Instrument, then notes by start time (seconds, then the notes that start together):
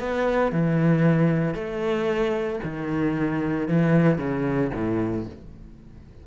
cello
0.00 B3
0.52 E3
1.55 A3
2.64 D#3
3.68 E3
4.18 C#3
4.74 A2